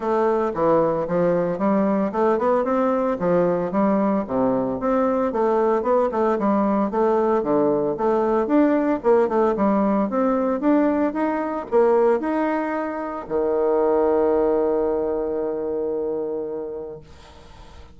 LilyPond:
\new Staff \with { instrumentName = "bassoon" } { \time 4/4 \tempo 4 = 113 a4 e4 f4 g4 | a8 b8 c'4 f4 g4 | c4 c'4 a4 b8 a8 | g4 a4 d4 a4 |
d'4 ais8 a8 g4 c'4 | d'4 dis'4 ais4 dis'4~ | dis'4 dis2.~ | dis1 | }